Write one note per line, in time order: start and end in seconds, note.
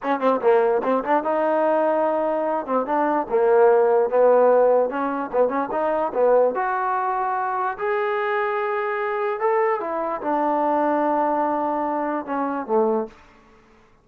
0.02 0.20 C#4
0.20 0.40 C4
0.41 0.82 A#3
0.83 1.03 C4
1.04 1.23 D4
1.23 2.66 D#4
2.66 2.86 C4
2.86 3.27 D4
3.29 4.09 A#3
4.09 4.89 B3
4.89 5.30 C#4
5.32 5.48 B3
5.48 5.68 C#4
5.71 6.12 D#4
6.14 6.55 B3
6.55 7.77 F#4
7.78 9.40 G#4
9.40 9.80 A4
9.80 10.21 E4
10.21 12.25 D4
12.25 12.66 C#4
12.66 13.07 A3